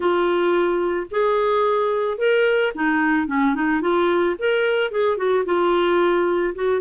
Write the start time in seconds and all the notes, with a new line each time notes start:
0.00 F4
1.11 G#4
2.18 A#4
2.74 D#4
3.27 C#4
3.55 D#4
3.81 F4
4.38 A#4
4.91 G#4
5.17 F#4
5.45 F4
6.54 F#4